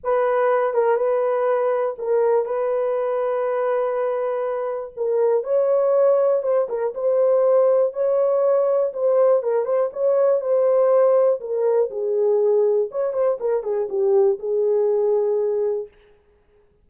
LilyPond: \new Staff \with { instrumentName = "horn" } { \time 4/4 \tempo 4 = 121 b'4. ais'8 b'2 | ais'4 b'2.~ | b'2 ais'4 cis''4~ | cis''4 c''8 ais'8 c''2 |
cis''2 c''4 ais'8 c''8 | cis''4 c''2 ais'4 | gis'2 cis''8 c''8 ais'8 gis'8 | g'4 gis'2. | }